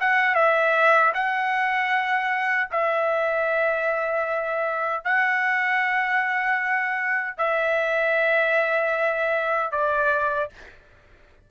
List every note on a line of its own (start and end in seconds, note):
0.00 0.35 F#5
0.35 1.13 E5
1.14 2.70 F#5
2.71 5.04 E5
5.04 7.38 F#5
7.38 9.72 E5
9.72 10.49 D5